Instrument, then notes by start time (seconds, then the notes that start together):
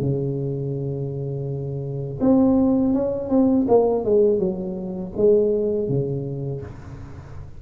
tuba
0.00 C#3
2.21 C4
2.94 C#4
3.30 C4
3.68 A#3
4.05 G#3
4.39 F#3
5.17 G#3
5.89 C#3